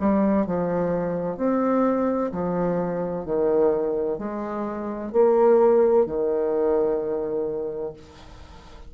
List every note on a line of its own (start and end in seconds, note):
0.00 0.46 G3
0.46 1.37 F3
1.37 2.31 C4
2.32 3.25 F3
3.25 4.18 D#3
4.18 5.12 G#3
5.12 6.06 A#3
6.06 7.93 D#3